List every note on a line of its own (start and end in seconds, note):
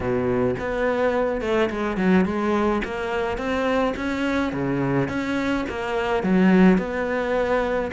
0.00 0.55 B2
0.59 1.41 B3
1.41 1.69 A3
1.70 1.97 G#3
1.97 2.25 F#3
2.25 2.81 G#3
2.84 3.37 A#3
3.37 3.94 C4
3.96 4.52 C#4
4.52 5.08 C#3
5.08 5.64 C#4
5.69 6.23 A#3
6.23 6.78 F#3
6.78 7.91 B3